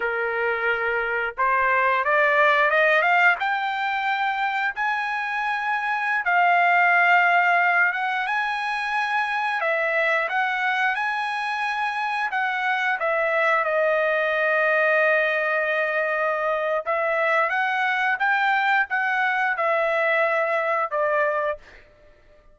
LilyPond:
\new Staff \with { instrumentName = "trumpet" } { \time 4/4 \tempo 4 = 89 ais'2 c''4 d''4 | dis''8 f''8 g''2 gis''4~ | gis''4~ gis''16 f''2~ f''8 fis''16~ | fis''16 gis''2 e''4 fis''8.~ |
fis''16 gis''2 fis''4 e''8.~ | e''16 dis''2.~ dis''8.~ | dis''4 e''4 fis''4 g''4 | fis''4 e''2 d''4 | }